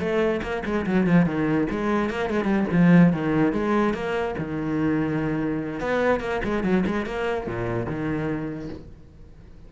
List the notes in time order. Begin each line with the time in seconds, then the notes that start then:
0.00 A3
0.43 A#3
0.66 G#3
0.87 F#3
1.07 F3
1.26 D#3
1.71 G#3
2.10 A#3
2.30 G#3
2.44 G3
2.72 F3
3.13 D#3
3.53 G#3
3.94 A#3
4.39 D#3
5.81 B3
6.21 A#3
6.45 G#3
6.64 F#3
6.87 G#3
7.06 A#3
7.47 A#2
7.87 D#3